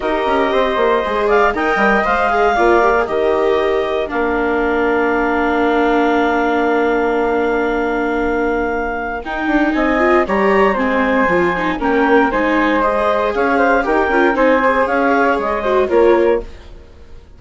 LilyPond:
<<
  \new Staff \with { instrumentName = "clarinet" } { \time 4/4 \tempo 4 = 117 dis''2~ dis''8 f''8 g''4 | f''2 dis''2 | f''1~ | f''1~ |
f''2 g''4 gis''4 | ais''4 gis''2 g''4 | gis''4 dis''4 f''4 g''4 | gis''4 f''4 dis''4 cis''4 | }
  \new Staff \with { instrumentName = "flute" } { \time 4/4 ais'4 c''4. d''8 dis''4~ | dis''4 d''4 ais'2~ | ais'1~ | ais'1~ |
ais'2. dis''4 | cis''4 c''2 ais'4 | c''2 cis''8 c''8 ais'4 | c''4 cis''4. c''8 ais'4 | }
  \new Staff \with { instrumentName = "viola" } { \time 4/4 g'2 gis'4 ais'4 | c''8 gis'8 f'8 g'16 gis'16 g'2 | d'1~ | d'1~ |
d'2 dis'4. f'8 | g'4 c'4 f'8 dis'8 cis'4 | dis'4 gis'2 g'8 f'8 | dis'8 gis'2 fis'8 f'4 | }
  \new Staff \with { instrumentName = "bassoon" } { \time 4/4 dis'8 cis'8 c'8 ais8 gis4 dis'8 g8 | gis4 ais4 dis2 | ais1~ | ais1~ |
ais2 dis'8 d'8 c'4 | g4 gis4 f4 ais4 | gis2 cis'4 dis'8 cis'8 | c'4 cis'4 gis4 ais4 | }
>>